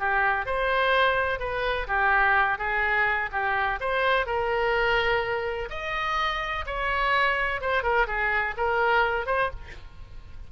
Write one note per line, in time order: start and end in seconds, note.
0.00 0.46 G4
0.46 1.40 C5
1.40 1.87 B4
1.88 2.59 G4
2.59 3.30 G#4
3.32 3.80 G4
3.81 4.27 C5
4.27 5.69 A#4
5.70 6.66 D#5
6.67 7.61 C#5
7.61 7.84 C5
7.84 8.07 A#4
8.08 8.55 G#4
8.57 9.27 A#4
9.27 9.51 C5